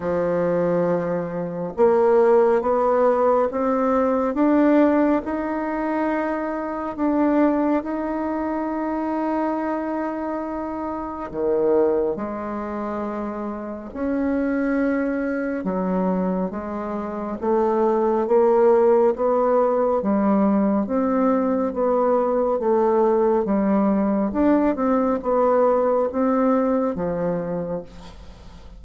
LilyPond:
\new Staff \with { instrumentName = "bassoon" } { \time 4/4 \tempo 4 = 69 f2 ais4 b4 | c'4 d'4 dis'2 | d'4 dis'2.~ | dis'4 dis4 gis2 |
cis'2 fis4 gis4 | a4 ais4 b4 g4 | c'4 b4 a4 g4 | d'8 c'8 b4 c'4 f4 | }